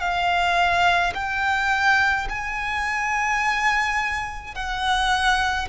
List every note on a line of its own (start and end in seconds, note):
0.00 1.13 F5
1.14 2.27 G5
2.29 4.54 G#5
4.54 5.68 F#5